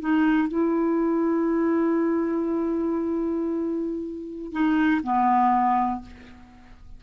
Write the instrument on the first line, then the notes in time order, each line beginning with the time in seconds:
clarinet
0.00 D#4
0.48 E4
4.52 D#4
5.03 B3